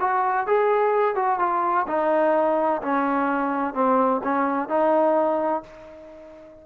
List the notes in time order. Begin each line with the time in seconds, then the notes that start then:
0.00 F#4
0.47 G#4
1.16 F#4
1.39 F4
1.87 D#4
2.82 C#4
3.74 C4
4.24 C#4
4.69 D#4